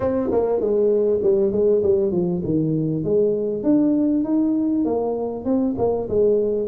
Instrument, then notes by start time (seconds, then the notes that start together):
tuba
0.00 C4
0.31 A#3
0.60 G#3
1.22 G3
1.52 G#3
1.83 G3
2.11 F3
2.44 D#3
3.04 G#3
3.63 D4
4.24 D#4
4.85 A#3
5.45 C4
5.78 A#3
6.09 G#3